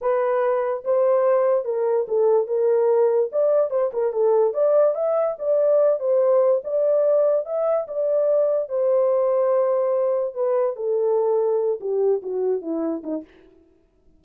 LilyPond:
\new Staff \with { instrumentName = "horn" } { \time 4/4 \tempo 4 = 145 b'2 c''2 | ais'4 a'4 ais'2 | d''4 c''8 ais'8 a'4 d''4 | e''4 d''4. c''4. |
d''2 e''4 d''4~ | d''4 c''2.~ | c''4 b'4 a'2~ | a'8 g'4 fis'4 e'4 dis'8 | }